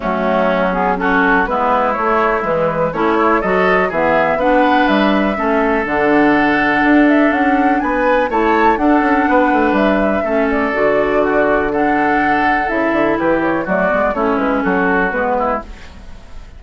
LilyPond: <<
  \new Staff \with { instrumentName = "flute" } { \time 4/4 \tempo 4 = 123 fis'4. gis'8 a'4 b'4 | cis''4 b'4 cis''4 dis''4 | e''4 fis''4 e''2 | fis''2~ fis''8 e''8 fis''4 |
gis''4 a''4 fis''2 | e''4. d''2~ d''8 | fis''2 e''4 b'8 cis''8 | d''4 cis''8 b'8 a'4 b'4 | }
  \new Staff \with { instrumentName = "oboe" } { \time 4/4 cis'2 fis'4 e'4~ | e'2 cis'8 e'8 a'4 | gis'4 b'2 a'4~ | a'1 |
b'4 cis''4 a'4 b'4~ | b'4 a'2 fis'4 | a'2. g'4 | fis'4 e'4 fis'4. e'8 | }
  \new Staff \with { instrumentName = "clarinet" } { \time 4/4 a4. b8 cis'4 b4 | a4 e4 e'4 fis'4 | b4 d'2 cis'4 | d'1~ |
d'4 e'4 d'2~ | d'4 cis'4 fis'2 | d'2 e'2 | a8 b8 cis'2 b4 | }
  \new Staff \with { instrumentName = "bassoon" } { \time 4/4 fis2. gis4 | a4 gis4 a4 fis4 | e4 b4 g4 a4 | d2 d'4 cis'4 |
b4 a4 d'8 cis'8 b8 a8 | g4 a4 d2~ | d2 cis8 d8 e4 | fis8 gis8 a8 gis8 fis4 gis4 | }
>>